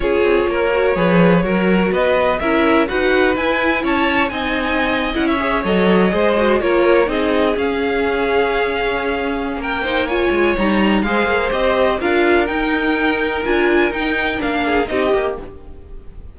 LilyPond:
<<
  \new Staff \with { instrumentName = "violin" } { \time 4/4 \tempo 4 = 125 cis''1 | dis''4 e''4 fis''4 gis''4 | a''4 gis''4.~ gis''16 fis''16 e''8. dis''16~ | dis''4.~ dis''16 cis''4 dis''4 f''16~ |
f''1 | g''4 gis''4 ais''4 f''4 | dis''4 f''4 g''2 | gis''4 g''4 f''4 dis''4 | }
  \new Staff \with { instrumentName = "violin" } { \time 4/4 gis'4 ais'4 b'4 ais'4 | b'4 ais'4 b'2 | cis''4 dis''2 cis''4~ | cis''8. c''4 ais'4 gis'4~ gis'16~ |
gis'1 | ais'8 c''8 cis''2 c''4~ | c''4 ais'2.~ | ais'2~ ais'8 gis'8 g'4 | }
  \new Staff \with { instrumentName = "viola" } { \time 4/4 f'4. fis'8 gis'4 fis'4~ | fis'4 e'4 fis'4 e'4~ | e'4 dis'4.~ dis'16 e'8 gis'8 a'16~ | a'8. gis'8 fis'8 f'4 dis'4 cis'16~ |
cis'1~ | cis'8 dis'8 f'4 dis'4 gis'4 | g'4 f'4 dis'2 | f'4 dis'4 d'4 dis'8 g'8 | }
  \new Staff \with { instrumentName = "cello" } { \time 4/4 cis'8 c'8 ais4 f4 fis4 | b4 cis'4 dis'4 e'4 | cis'4 c'4.~ c'16 cis'4 fis16~ | fis8. gis4 ais4 c'4 cis'16~ |
cis'1 | ais4. gis8 g4 gis8 ais8 | c'4 d'4 dis'2 | d'4 dis'4 ais4 c'8 ais8 | }
>>